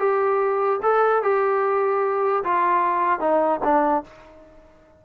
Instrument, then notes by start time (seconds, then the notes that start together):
trombone
0.00 G4
0.83 A4
1.23 G4
2.45 F4
3.20 D#4
3.64 D4